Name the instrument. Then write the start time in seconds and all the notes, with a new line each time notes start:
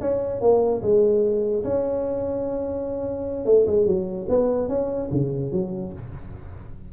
tuba
0.00 C#4
0.40 A#3
0.82 G#3
1.64 C#4
3.45 A3
3.67 G#3
3.86 F#3
4.29 B3
4.68 C#4
5.11 C#3
5.52 F#3